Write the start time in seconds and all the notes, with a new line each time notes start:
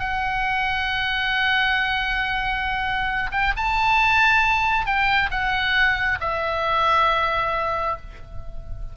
0.00 F#5
3.32 G5
3.57 A5
4.86 G5
5.31 F#5
6.20 E5